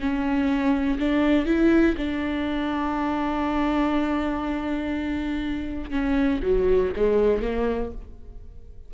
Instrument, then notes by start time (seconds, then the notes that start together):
viola
0.00 C#4
0.99 D4
1.46 E4
1.98 D4
5.91 C#4
6.43 F#3
6.97 G#3
7.42 A#3